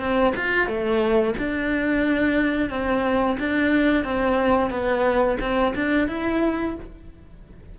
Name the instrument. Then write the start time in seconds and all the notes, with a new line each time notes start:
cello
0.00 C4
0.37 F4
0.67 A3
1.39 D4
2.70 C4
3.39 D4
4.05 C4
4.70 B3
5.41 C4
5.75 D4
6.08 E4